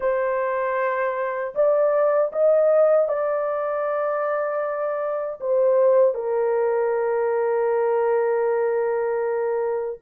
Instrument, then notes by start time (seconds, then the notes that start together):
horn
0.00 C5
1.54 D5
2.32 D#5
3.08 D5
5.40 C5
6.14 A#4